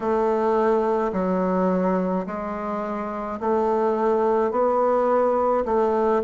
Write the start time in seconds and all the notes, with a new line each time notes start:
0.00 A3
1.12 F#3
2.26 G#3
3.40 A3
4.51 B3
5.65 A3